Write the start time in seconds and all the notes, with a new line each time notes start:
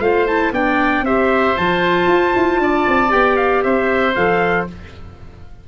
0.00 A3 F4 C5 F5
0.27 E4 A5
0.52 B3 D4 D5 G5
1.02 C4 G4 C5 E5
1.57 F3 F4 A5
2.07 F4
2.36 E4
2.59 D4 D5
2.88 C4
3.09 B3 G4 G5
3.37 F5
3.63 C4 C5 E5
4.15 F3 A4 F5